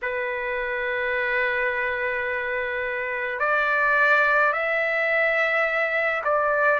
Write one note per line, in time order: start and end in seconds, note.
0.02 3.40 B4
3.40 4.52 D5
4.52 6.22 E5
6.24 6.79 D5